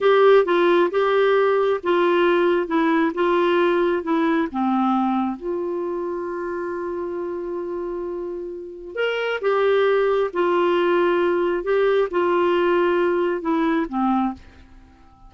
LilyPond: \new Staff \with { instrumentName = "clarinet" } { \time 4/4 \tempo 4 = 134 g'4 f'4 g'2 | f'2 e'4 f'4~ | f'4 e'4 c'2 | f'1~ |
f'1 | ais'4 g'2 f'4~ | f'2 g'4 f'4~ | f'2 e'4 c'4 | }